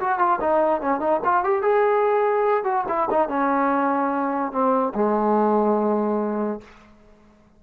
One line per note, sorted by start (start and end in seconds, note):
0.00 0.19 F#4
0.19 0.39 F4
0.41 0.81 D#4
0.81 1.00 C#4
1.00 1.21 D#4
1.25 1.44 F4
1.44 1.62 G4
1.62 2.64 G#4
2.64 2.85 F#4
2.89 3.09 E4
3.11 3.29 D#4
3.29 4.52 C#4
4.52 4.93 C4
4.95 6.61 G#3